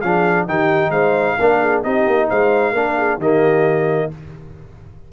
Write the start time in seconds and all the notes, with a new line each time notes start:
0.00 F3 D4 G#4 F5
0.48 D#3 D#4 G4 G5
0.90 G#3 C5 F5
1.39 A#3 D4 A#4
1.61 G#4
1.83 C4 D#4 G4 D#5
2.07 A#3
2.28 G#3 C5 F5
2.72 A#3 D4 A#4
2.97 G#4
3.17 D#3 A#3 G4 D#5